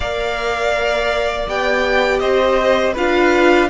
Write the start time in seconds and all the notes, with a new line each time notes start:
0.00 A#3 A#4 D5 F5
1.47 B3 G4 G5
2.19 C4 C5 D#5
2.93 D4 F4 B4 F5